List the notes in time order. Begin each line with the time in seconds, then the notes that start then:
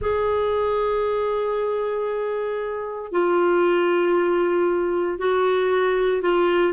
0.01 G#4
3.11 F4
5.18 F#4
6.22 F4